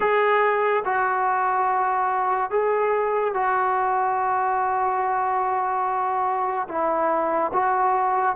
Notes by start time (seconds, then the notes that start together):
0.00 G#4
0.84 F#4
2.50 G#4
3.34 F#4
6.68 E4
7.53 F#4